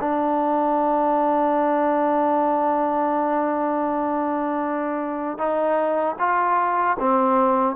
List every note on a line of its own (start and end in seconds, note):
0.00 5.38 D4
5.38 6.16 D#4
6.19 6.97 F4
7.00 7.76 C4